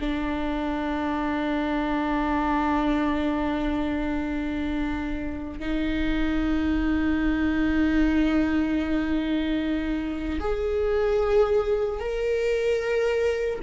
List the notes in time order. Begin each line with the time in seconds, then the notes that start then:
0.00 D4
5.59 D#4
10.40 G#4
11.99 A#4